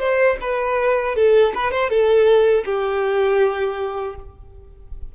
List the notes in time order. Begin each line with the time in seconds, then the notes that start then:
0.00 C5
0.42 B4
1.16 A4
1.55 B4
1.72 C5
1.90 A4
2.66 G4